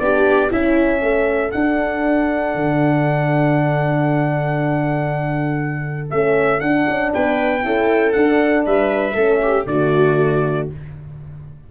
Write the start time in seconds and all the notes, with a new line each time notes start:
0.00 B3 D4 G4 D5
0.51 C#4 E4 E5
1.00 A3 A4
1.52 D4 F#5
2.55 D3
6.11 A3 C#4 E5
6.61 D4 F#5
6.89 C#4
7.14 B3 B4 G5
7.63 C#4 E4 A4
8.13 D4 F#5
8.66 G3 B4 E5
9.15 A3 C#4 A4
9.42 G4
9.67 D3 A3 F#4 D5